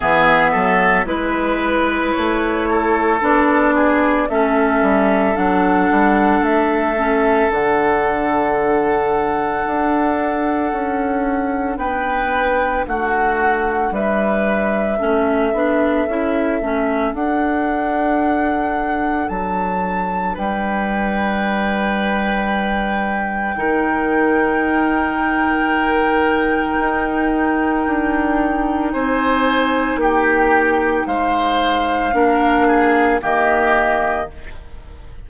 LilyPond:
<<
  \new Staff \with { instrumentName = "flute" } { \time 4/4 \tempo 4 = 56 e''4 b'4 cis''4 d''4 | e''4 fis''4 e''4 fis''4~ | fis''2. g''4 | fis''4 e''2. |
fis''2 a''4 g''4~ | g''1~ | g''2. gis''4 | g''4 f''2 dis''4 | }
  \new Staff \with { instrumentName = "oboe" } { \time 4/4 gis'8 a'8 b'4. a'4 gis'8 | a'1~ | a'2. b'4 | fis'4 b'4 a'2~ |
a'2. b'4~ | b'2 ais'2~ | ais'2. c''4 | g'4 c''4 ais'8 gis'8 g'4 | }
  \new Staff \with { instrumentName = "clarinet" } { \time 4/4 b4 e'2 d'4 | cis'4 d'4. cis'8 d'4~ | d'1~ | d'2 cis'8 d'8 e'8 cis'8 |
d'1~ | d'2 dis'2~ | dis'1~ | dis'2 d'4 ais4 | }
  \new Staff \with { instrumentName = "bassoon" } { \time 4/4 e8 fis8 gis4 a4 b4 | a8 g8 fis8 g8 a4 d4~ | d4 d'4 cis'4 b4 | a4 g4 a8 b8 cis'8 a8 |
d'2 fis4 g4~ | g2 dis2~ | dis4 dis'4 d'4 c'4 | ais4 gis4 ais4 dis4 | }
>>